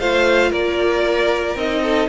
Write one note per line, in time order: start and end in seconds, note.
0.00 0.51 A3
0.00 1.57 F4
0.00 0.50 C5
0.00 0.52 F5
0.50 1.55 A#3
0.50 1.80 A#4
0.50 1.57 D5
1.55 2.08 C4
1.55 2.09 D#4
1.55 2.09 D#5
1.83 2.09 A4